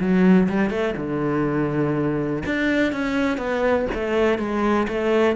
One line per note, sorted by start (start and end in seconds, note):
0.00 0.49 F#3
0.49 0.71 G3
0.71 0.95 A3
0.97 2.43 D3
2.46 2.93 D4
2.93 3.38 C#4
3.38 3.87 B3
3.95 4.39 A3
4.39 4.88 G#3
4.88 5.36 A3